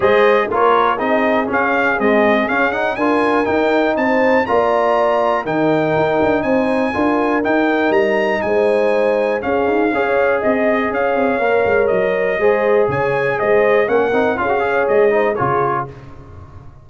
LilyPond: <<
  \new Staff \with { instrumentName = "trumpet" } { \time 4/4 \tempo 4 = 121 dis''4 cis''4 dis''4 f''4 | dis''4 f''8 fis''8 gis''4 g''4 | a''4 ais''2 g''4~ | g''4 gis''2 g''4 |
ais''4 gis''2 f''4~ | f''4 dis''4 f''2 | dis''2 gis''4 dis''4 | fis''4 f''4 dis''4 cis''4 | }
  \new Staff \with { instrumentName = "horn" } { \time 4/4 c''4 ais'4 gis'2~ | gis'2 ais'2 | c''4 d''2 ais'4~ | ais'4 c''4 ais'2~ |
ais'4 c''2 gis'4 | cis''4 dis''4 cis''2~ | cis''4 c''4 cis''4 c''4 | ais'4 gis'8 cis''4 c''8 gis'4 | }
  \new Staff \with { instrumentName = "trombone" } { \time 4/4 gis'4 f'4 dis'4 cis'4 | gis4 cis'8 dis'8 f'4 dis'4~ | dis'4 f'2 dis'4~ | dis'2 f'4 dis'4~ |
dis'2. cis'4 | gis'2. ais'4~ | ais'4 gis'2. | cis'8 dis'8 f'16 fis'16 gis'4 dis'8 f'4 | }
  \new Staff \with { instrumentName = "tuba" } { \time 4/4 gis4 ais4 c'4 cis'4 | c'4 cis'4 d'4 dis'4 | c'4 ais2 dis4 | dis'8 d'8 c'4 d'4 dis'4 |
g4 gis2 cis'8 dis'8 | cis'4 c'4 cis'8 c'8 ais8 gis8 | fis4 gis4 cis4 gis4 | ais8 c'8 cis'4 gis4 cis4 | }
>>